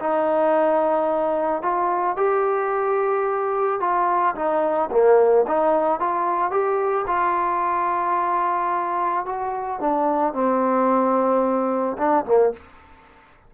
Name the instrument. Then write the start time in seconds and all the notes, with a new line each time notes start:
trombone
0.00 D#4
1.63 F4
2.17 G4
3.81 F4
4.36 D#4
4.91 A#3
5.48 D#4
6.00 F4
6.52 G4
7.08 F4
9.26 F#4
9.81 D4
10.34 C4
11.98 D4
12.26 A#3